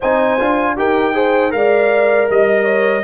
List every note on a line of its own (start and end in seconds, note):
0.00 0.41 C4
0.00 0.39 D#4
0.00 0.74 C5
0.00 0.77 G#5
0.39 0.78 D4
0.39 0.76 F4
0.76 1.53 D#4
0.76 1.13 G4
0.76 1.15 A#4
0.76 1.52 G5
1.13 1.50 G#4
1.13 1.53 C5
1.50 2.29 G#3
1.50 3.02 A#4
1.50 2.28 F5
1.56 2.30 D5
2.29 3.03 G3
2.29 2.64 D#5
2.29 3.03 D#5
2.64 3.02 C#5